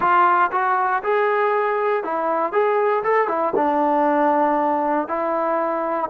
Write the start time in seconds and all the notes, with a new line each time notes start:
0.00 F4
0.51 F#4
1.03 G#4
2.03 E4
2.52 G#4
3.03 A4
3.28 E4
3.55 D4
5.08 E4